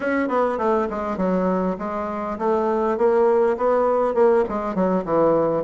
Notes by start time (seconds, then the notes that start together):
0.00 C#4
0.28 B3
0.58 A3
0.89 G#3
1.17 F#3
1.78 G#3
2.38 A3
2.97 A#3
3.57 B3
4.14 A#3
4.49 G#3
4.74 F#3
5.05 E3